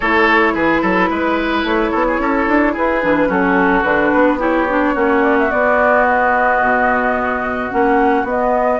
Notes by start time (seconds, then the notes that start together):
0.00 A3 E4 A4 C#5
0.53 E3 G#4 B4
0.81 F#3 A4
1.09 G#3 B4
1.63 A3 C#5
1.91 B3 A4
2.07 G#4
2.19 C#4 A4
2.47 D4
2.72 E4 G#4 B4
3.02 E3 D4
3.27 F#3 C#4 F#4 A4
3.83 D3 D4 B4
4.14 B3
4.38 E4 G4 C#5
4.69 D4
4.94 A#3 C#4 F#4
5.22 D5
5.38 E5
5.50 B3 D5
6.07 D#5
6.61 B2
7.70 A#3 C#4 F#5
8.23 B3 D#5